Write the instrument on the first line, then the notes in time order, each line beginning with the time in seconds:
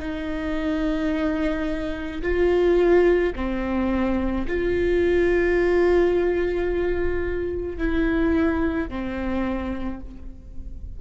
viola
0.00 D#4
2.23 F4
3.36 C4
4.48 F4
7.78 E4
8.90 C4